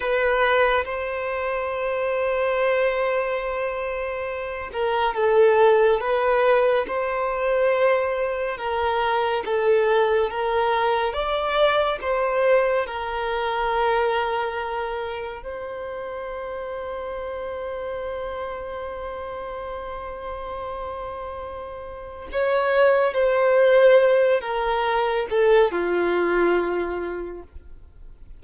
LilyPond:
\new Staff \with { instrumentName = "violin" } { \time 4/4 \tempo 4 = 70 b'4 c''2.~ | c''4. ais'8 a'4 b'4 | c''2 ais'4 a'4 | ais'4 d''4 c''4 ais'4~ |
ais'2 c''2~ | c''1~ | c''2 cis''4 c''4~ | c''8 ais'4 a'8 f'2 | }